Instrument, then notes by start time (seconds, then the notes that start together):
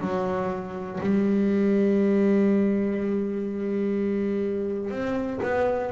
double bass
0.00 F#3
1.00 G3
4.90 C4
5.42 B3